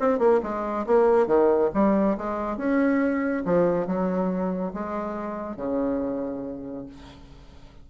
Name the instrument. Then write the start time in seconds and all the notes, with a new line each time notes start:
bassoon
0.00 C4
0.19 A#3
0.43 G#3
0.87 A#3
1.27 D#3
1.74 G3
2.18 G#3
2.57 C#4
3.45 F3
3.87 F#3
4.74 G#3
5.57 C#3